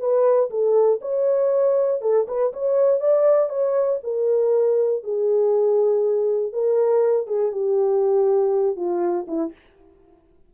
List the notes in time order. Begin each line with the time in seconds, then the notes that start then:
0.00 B4
0.50 A4
1.02 C#5
2.02 A4
2.28 B4
2.53 C#5
3.01 D5
3.50 C#5
4.04 A#4
5.04 G#4
6.53 A#4
7.27 G#4
7.52 G4
8.77 F4
9.28 E4